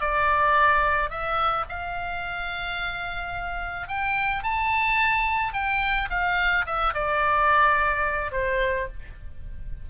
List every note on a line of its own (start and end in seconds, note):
0.00 1.10 D5
1.10 1.65 E5
1.68 3.88 F5
3.88 4.43 G5
4.43 5.53 A5
5.53 6.08 G5
6.10 6.65 F5
6.66 6.93 E5
6.94 8.31 D5
8.31 8.87 C5